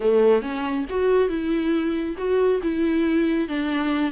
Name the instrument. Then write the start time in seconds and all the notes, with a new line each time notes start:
viola
0.00 A3
0.42 C#4
0.89 F#4
1.28 E4
2.17 F#4
2.62 E4
3.48 D4